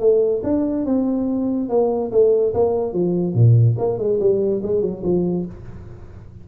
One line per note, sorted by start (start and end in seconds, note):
0.00 0.42 A3
0.44 0.86 D4
0.86 1.69 C4
1.69 2.11 A#3
2.12 2.53 A3
2.54 2.93 A#3
2.93 3.34 F3
3.34 3.76 A#2
3.78 3.98 A#3
3.98 4.19 G#3
4.20 4.62 G3
4.63 4.82 G#3
4.82 5.03 F#3
5.04 5.46 F3